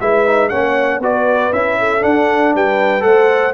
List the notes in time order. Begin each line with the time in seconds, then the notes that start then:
0.00 G#3 E4 B4 E5
0.26 D#4
0.49 A#3 C#4 C#5 F#5
0.99 B3 F#4 B4 D5
1.52 C#4 E4 E5
1.79 A4
2.00 D4 F#5
2.54 G3 B4 G5
3.00 A3 A4 C5 F#5